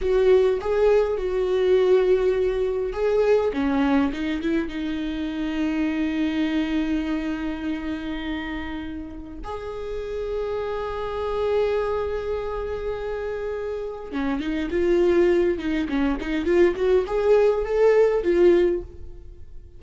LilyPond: \new Staff \with { instrumentName = "viola" } { \time 4/4 \tempo 4 = 102 fis'4 gis'4 fis'2~ | fis'4 gis'4 cis'4 dis'8 e'8 | dis'1~ | dis'1 |
gis'1~ | gis'1 | cis'8 dis'8 f'4. dis'8 cis'8 dis'8 | f'8 fis'8 gis'4 a'4 f'4 | }